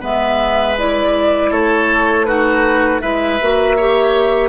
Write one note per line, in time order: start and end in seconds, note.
0.00 1.51 G#3
0.00 0.76 B3
0.00 1.50 B4
0.00 0.78 E5
0.78 2.27 E4
0.78 1.52 D5
1.51 3.01 A3
1.51 2.26 A4
1.51 2.25 C#5
2.25 3.01 D#4
2.25 3.01 F#4
2.25 3.00 B4
3.01 3.41 G#3
3.01 3.39 E4
3.01 3.76 B4
3.01 4.49 E5
3.41 4.49 A#3
3.41 3.79 F#4
3.76 4.49 G4
3.76 4.49 C#5